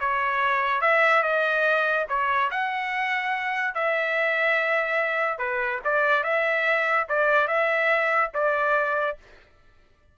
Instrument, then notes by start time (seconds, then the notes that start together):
trumpet
0.00 C#5
0.82 E5
1.23 D#5
2.09 C#5
2.51 F#5
3.74 E5
5.38 B4
5.85 D5
6.24 E5
7.09 D5
7.48 E5
8.34 D5